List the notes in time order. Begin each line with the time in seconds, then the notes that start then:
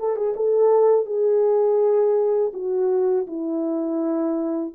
0.00 A4
0.17 G#4
0.37 A4
1.06 G#4
2.54 F#4
3.27 E4